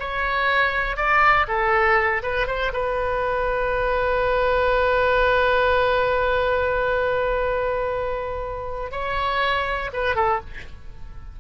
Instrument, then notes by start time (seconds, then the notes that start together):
oboe
0.00 C#5
0.97 D5
1.48 A4
2.23 B4
2.47 C5
2.73 B4
8.92 C#5
9.93 B4
10.16 A4